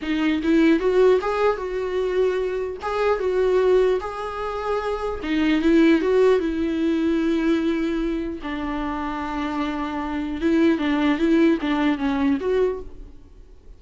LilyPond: \new Staff \with { instrumentName = "viola" } { \time 4/4 \tempo 4 = 150 dis'4 e'4 fis'4 gis'4 | fis'2. gis'4 | fis'2 gis'2~ | gis'4 dis'4 e'4 fis'4 |
e'1~ | e'4 d'2.~ | d'2 e'4 d'4 | e'4 d'4 cis'4 fis'4 | }